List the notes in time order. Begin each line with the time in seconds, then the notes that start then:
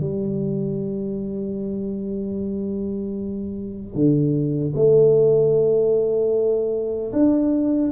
0.00 G3
3.94 D3
4.75 A3
7.12 D4